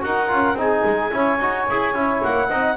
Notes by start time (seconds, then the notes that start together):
0.00 D#4 F#4 A#4 F#5
0.28 C#4 F4
0.54 C4 D#4 G#4 G#5
0.85 G#3
1.12 C#4 E4 C#5
1.40 D#4 F#4
1.70 E4 G#4
1.94 C#4 E4
2.24 A#3 F#5
2.48 C4 D#4 D#5